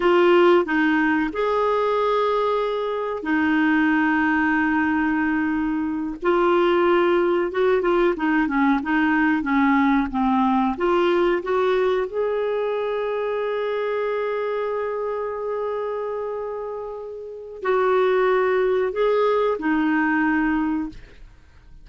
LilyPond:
\new Staff \with { instrumentName = "clarinet" } { \time 4/4 \tempo 4 = 92 f'4 dis'4 gis'2~ | gis'4 dis'2.~ | dis'4. f'2 fis'8 | f'8 dis'8 cis'8 dis'4 cis'4 c'8~ |
c'8 f'4 fis'4 gis'4.~ | gis'1~ | gis'2. fis'4~ | fis'4 gis'4 dis'2 | }